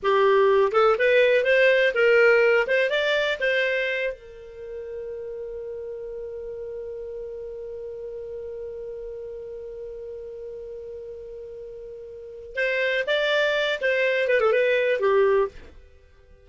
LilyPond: \new Staff \with { instrumentName = "clarinet" } { \time 4/4 \tempo 4 = 124 g'4. a'8 b'4 c''4 | ais'4. c''8 d''4 c''4~ | c''8 ais'2.~ ais'8~ | ais'1~ |
ais'1~ | ais'1~ | ais'2 c''4 d''4~ | d''8 c''4 b'16 a'16 b'4 g'4 | }